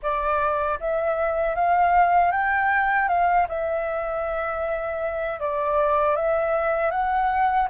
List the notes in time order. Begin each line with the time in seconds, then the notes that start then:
0.02 D5
0.80 E5
1.55 F5
2.31 G5
3.08 F5
3.48 E5
5.40 D5
6.16 E5
6.91 F#5